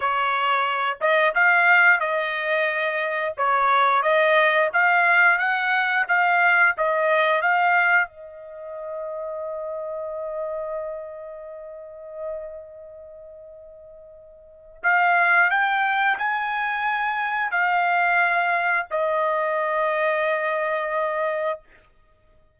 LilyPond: \new Staff \with { instrumentName = "trumpet" } { \time 4/4 \tempo 4 = 89 cis''4. dis''8 f''4 dis''4~ | dis''4 cis''4 dis''4 f''4 | fis''4 f''4 dis''4 f''4 | dis''1~ |
dis''1~ | dis''2 f''4 g''4 | gis''2 f''2 | dis''1 | }